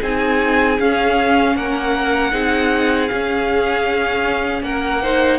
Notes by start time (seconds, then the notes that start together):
0.00 C4 D#4 G#4 G#5
0.79 C#4 F5
1.56 A#3 A#4 F#5
2.31 C4 D#4 G#4
3.08 C#4 F5
4.62 A#3 A#4 F#5
5.02 D#4 C5